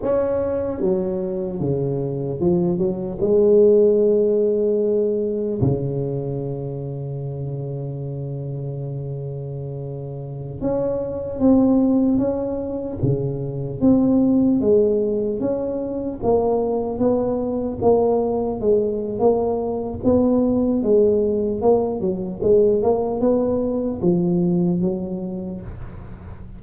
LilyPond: \new Staff \with { instrumentName = "tuba" } { \time 4/4 \tempo 4 = 75 cis'4 fis4 cis4 f8 fis8 | gis2. cis4~ | cis1~ | cis4~ cis16 cis'4 c'4 cis'8.~ |
cis'16 cis4 c'4 gis4 cis'8.~ | cis'16 ais4 b4 ais4 gis8. | ais4 b4 gis4 ais8 fis8 | gis8 ais8 b4 f4 fis4 | }